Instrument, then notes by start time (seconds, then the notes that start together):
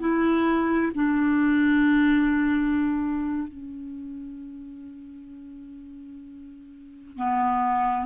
clarinet
0.00 E4
0.95 D4
3.48 C#4
7.17 B3